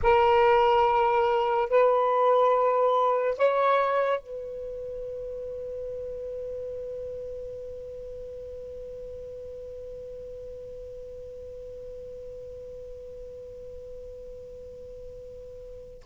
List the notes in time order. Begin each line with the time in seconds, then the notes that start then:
0.02 A#4
1.69 B4
3.37 C#5
4.20 B4